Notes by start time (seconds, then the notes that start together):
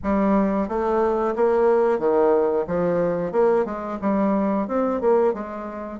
0.03 G3
0.68 A3
1.35 A#3
1.98 D#3
2.67 F3
3.32 A#3
3.65 G#3
4.01 G3
4.67 C4
5.01 A#3
5.33 G#3